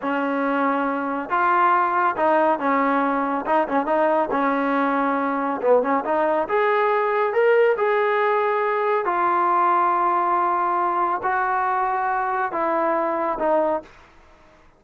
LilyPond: \new Staff \with { instrumentName = "trombone" } { \time 4/4 \tempo 4 = 139 cis'2. f'4~ | f'4 dis'4 cis'2 | dis'8 cis'8 dis'4 cis'2~ | cis'4 b8 cis'8 dis'4 gis'4~ |
gis'4 ais'4 gis'2~ | gis'4 f'2.~ | f'2 fis'2~ | fis'4 e'2 dis'4 | }